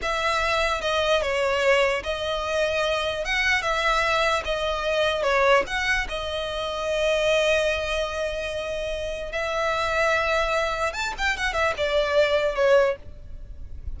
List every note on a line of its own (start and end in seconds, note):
0.01 0.81 E5
0.81 1.21 D#5
1.21 2.03 C#5
2.03 3.24 D#5
3.24 3.62 F#5
3.62 4.43 E5
4.44 5.22 D#5
5.22 5.63 C#5
5.66 6.07 F#5
6.08 9.32 D#5
9.32 10.93 E5
10.93 11.13 A5
11.17 11.36 G5
11.36 11.53 F#5
11.53 11.73 E5
11.77 12.55 D5
12.55 12.95 C#5